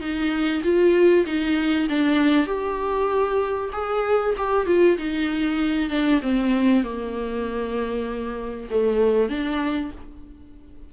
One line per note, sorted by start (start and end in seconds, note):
0.00 0.62 D#4
0.63 1.25 F4
1.25 1.87 D#4
1.89 2.46 D4
2.46 3.70 G4
3.72 4.34 G#4
4.37 4.66 G4
4.66 4.97 F4
4.97 5.89 D#4
5.89 6.20 D4
6.21 6.83 C4
6.83 8.69 A#3
8.70 9.29 A3
9.29 9.91 D4